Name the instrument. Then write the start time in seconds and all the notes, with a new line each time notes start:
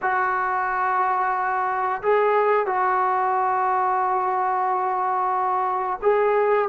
trombone
0.02 F#4
2.02 G#4
2.66 F#4
6.02 G#4